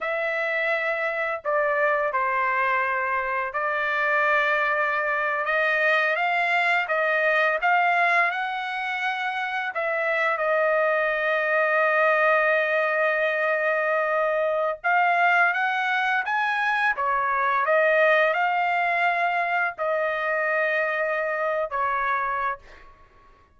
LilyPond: \new Staff \with { instrumentName = "trumpet" } { \time 4/4 \tempo 4 = 85 e''2 d''4 c''4~ | c''4 d''2~ d''8. dis''16~ | dis''8. f''4 dis''4 f''4 fis''16~ | fis''4.~ fis''16 e''4 dis''4~ dis''16~ |
dis''1~ | dis''4 f''4 fis''4 gis''4 | cis''4 dis''4 f''2 | dis''2~ dis''8. cis''4~ cis''16 | }